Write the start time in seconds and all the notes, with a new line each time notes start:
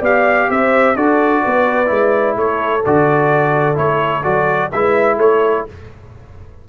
0.00 B3 G4 D5 F5
0.49 C4 C5 E5
0.95 D4 F#4 A4 D5
1.44 B3 B4
1.86 G#3 E4
2.36 A3 A4 C#5
2.85 D3 F#4 D5
3.75 A3 E4 C#5
4.23 F#3 F#4 D5
4.72 G#3 E4 B4 E5
5.16 A3 A4 C#5